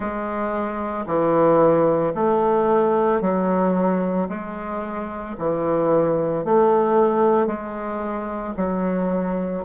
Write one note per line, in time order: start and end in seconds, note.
0.00 1.05 G#3
1.06 2.13 E3
2.14 3.21 A3
3.21 4.28 F#3
4.29 5.36 G#3
5.38 6.44 E3
6.44 7.47 A3
7.47 8.54 G#3
8.57 9.64 F#3